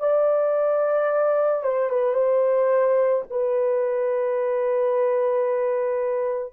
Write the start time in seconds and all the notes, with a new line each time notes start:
0.00 D5
1.64 C5
1.90 B4
2.14 C5
3.31 B4